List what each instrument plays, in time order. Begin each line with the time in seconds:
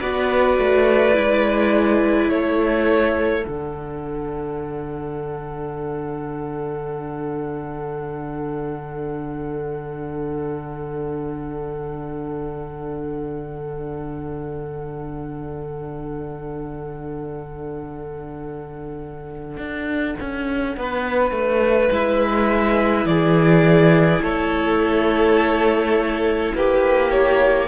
0.00 cello B3, viola F#4, violin B4 D5
0.58 cello A3
1.14 cello G#3, viola E4
2.29 cello A3, violin A4 C#5
3.45 cello D3, viola D4, violin F#5
19.57 cello D4
20.19 cello C#4
20.76 cello B3, violin B4
21.31 cello A3
21.91 cello G#3, viola E4, violin E5
23.05 cello E3, violin G#4 D5
24.21 cello A3, violin A4 C#5
26.54 cello A#3, violin G4 B4
27.11 violin C#5